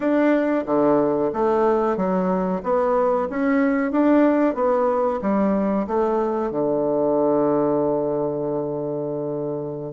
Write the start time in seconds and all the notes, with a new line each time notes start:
0.00 D4
0.66 D3
1.33 A3
1.96 F#3
2.63 B3
3.29 C#4
3.91 D4
4.54 B3
5.21 G3
5.87 A3
6.50 D3